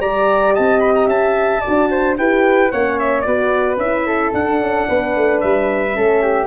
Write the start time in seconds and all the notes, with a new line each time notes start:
0.00 G3 G4 D5 A#5
0.54 C4 D#5 A5
0.80 B5
0.95 A#5
1.07 C#4 E5 A5
1.61 F#4 D5
1.67 D4
1.90 C5
2.17 E4 G4 B4 G5
2.71 A#3 C#4 C#5 F#5
2.99 E5
3.21 B3 F#4 B4 D5
3.76 C#4 E4 E5
4.06 A4
4.33 D4 F#5
4.59 C#4
4.88 B3 B4
5.16 A3
5.40 G3 E5
5.92 A3 C#4 A4
6.22 G4